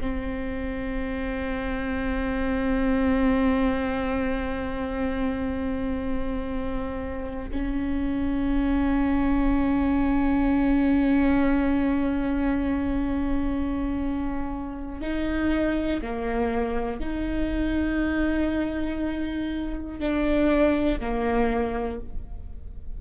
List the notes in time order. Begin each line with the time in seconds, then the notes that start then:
0.00 C4
7.50 C#4
15.00 D#4
16.01 A#3
17.00 D#4
19.99 D4
21.00 A#3